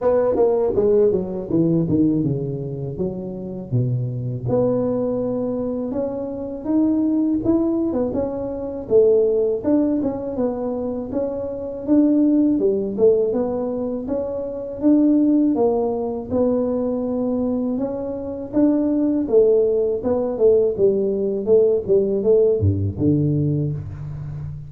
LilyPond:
\new Staff \with { instrumentName = "tuba" } { \time 4/4 \tempo 4 = 81 b8 ais8 gis8 fis8 e8 dis8 cis4 | fis4 b,4 b2 | cis'4 dis'4 e'8. b16 cis'4 | a4 d'8 cis'8 b4 cis'4 |
d'4 g8 a8 b4 cis'4 | d'4 ais4 b2 | cis'4 d'4 a4 b8 a8 | g4 a8 g8 a8 g,8 d4 | }